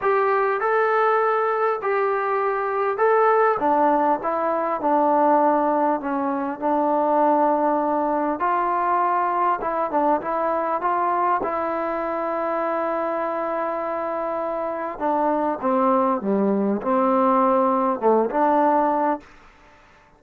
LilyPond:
\new Staff \with { instrumentName = "trombone" } { \time 4/4 \tempo 4 = 100 g'4 a'2 g'4~ | g'4 a'4 d'4 e'4 | d'2 cis'4 d'4~ | d'2 f'2 |
e'8 d'8 e'4 f'4 e'4~ | e'1~ | e'4 d'4 c'4 g4 | c'2 a8 d'4. | }